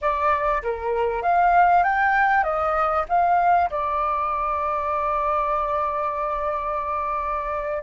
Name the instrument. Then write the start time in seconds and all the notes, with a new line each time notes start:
flute
0.01 D5
0.63 A#4
1.22 F5
1.83 G5
2.43 D#5
3.08 F5
3.70 D5